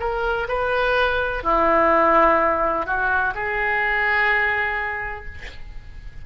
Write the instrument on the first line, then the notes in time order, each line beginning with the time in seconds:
oboe
0.00 A#4
0.48 B4
1.44 E4
2.87 F#4
3.35 G#4